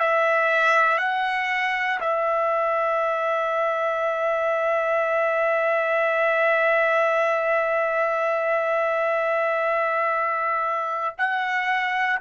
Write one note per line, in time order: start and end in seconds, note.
0.00 0.98 E5
0.98 2.00 F#5
2.01 11.16 E5
11.19 12.20 F#5